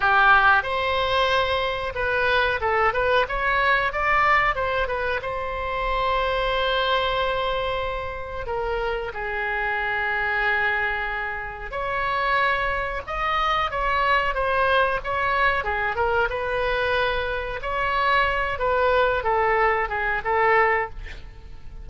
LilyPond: \new Staff \with { instrumentName = "oboe" } { \time 4/4 \tempo 4 = 92 g'4 c''2 b'4 | a'8 b'8 cis''4 d''4 c''8 b'8 | c''1~ | c''4 ais'4 gis'2~ |
gis'2 cis''2 | dis''4 cis''4 c''4 cis''4 | gis'8 ais'8 b'2 cis''4~ | cis''8 b'4 a'4 gis'8 a'4 | }